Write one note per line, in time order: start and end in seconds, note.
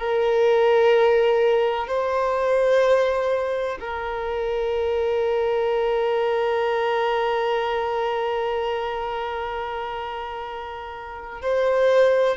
0.00 1.88 A#4
1.88 3.78 C5
3.81 11.42 A#4
11.42 12.37 C5